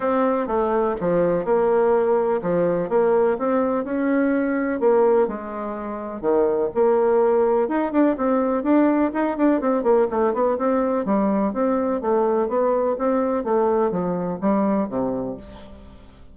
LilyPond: \new Staff \with { instrumentName = "bassoon" } { \time 4/4 \tempo 4 = 125 c'4 a4 f4 ais4~ | ais4 f4 ais4 c'4 | cis'2 ais4 gis4~ | gis4 dis4 ais2 |
dis'8 d'8 c'4 d'4 dis'8 d'8 | c'8 ais8 a8 b8 c'4 g4 | c'4 a4 b4 c'4 | a4 f4 g4 c4 | }